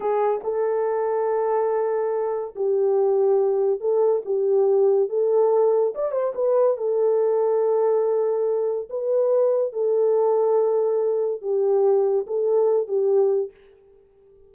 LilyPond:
\new Staff \with { instrumentName = "horn" } { \time 4/4 \tempo 4 = 142 gis'4 a'2.~ | a'2 g'2~ | g'4 a'4 g'2 | a'2 d''8 c''8 b'4 |
a'1~ | a'4 b'2 a'4~ | a'2. g'4~ | g'4 a'4. g'4. | }